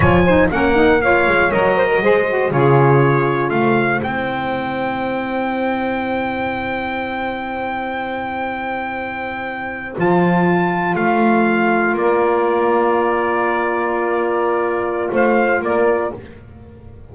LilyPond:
<<
  \new Staff \with { instrumentName = "trumpet" } { \time 4/4 \tempo 4 = 119 gis''4 fis''4 f''4 dis''4~ | dis''4 cis''2 f''4 | g''1~ | g''1~ |
g''2.~ g''8. a''16~ | a''4.~ a''16 f''2 d''16~ | d''1~ | d''2 f''4 d''4 | }
  \new Staff \with { instrumentName = "saxophone" } { \time 4/4 cis''8 c''8 ais'4 cis''4. c''16 ais'16 | c''4 gis'2 c''4~ | c''1~ | c''1~ |
c''1~ | c''2.~ c''8. ais'16~ | ais'1~ | ais'2 c''4 ais'4 | }
  \new Staff \with { instrumentName = "saxophone" } { \time 4/4 f'8 dis'8 cis'8 dis'8 f'4 ais'4 | gis'8 fis'8 f'2. | e'1~ | e'1~ |
e'2.~ e'8. f'16~ | f'1~ | f'1~ | f'1 | }
  \new Staff \with { instrumentName = "double bass" } { \time 4/4 f4 ais4. gis8 fis4 | gis4 cis2 a4 | c'1~ | c'1~ |
c'2.~ c'8. f16~ | f4.~ f16 a2 ais16~ | ais1~ | ais2 a4 ais4 | }
>>